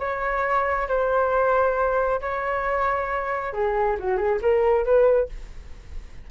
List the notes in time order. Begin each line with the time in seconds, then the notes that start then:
0.00 C#5
0.88 C5
2.22 C#5
3.54 G#4
4.00 F#4
4.17 G#4
4.42 A#4
4.85 B4